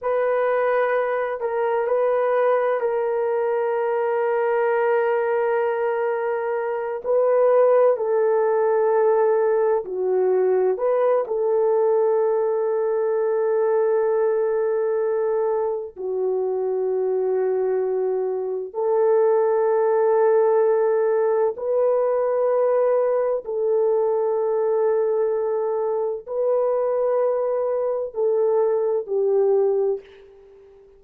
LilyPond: \new Staff \with { instrumentName = "horn" } { \time 4/4 \tempo 4 = 64 b'4. ais'8 b'4 ais'4~ | ais'2.~ ais'8 b'8~ | b'8 a'2 fis'4 b'8 | a'1~ |
a'4 fis'2. | a'2. b'4~ | b'4 a'2. | b'2 a'4 g'4 | }